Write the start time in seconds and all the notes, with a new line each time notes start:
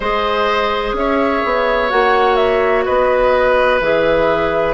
0.00 G#3 G#4 C5 D#5
0.93 C#4 C#5 E5
1.44 B3
1.89 A#3 F#4 F#5
2.36 E5
2.85 B3 B4 D#5
3.80 E3 G#4 E5